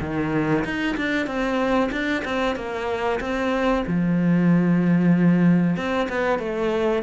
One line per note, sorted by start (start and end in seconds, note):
0.00 0.64 D#3
0.64 0.96 D#4
0.97 1.26 D4
1.26 1.90 C4
1.91 2.23 D4
2.24 2.56 C4
2.56 3.19 A#3
3.20 3.84 C4
3.86 5.76 F3
5.76 6.08 C4
6.09 6.39 B3
6.39 7.02 A3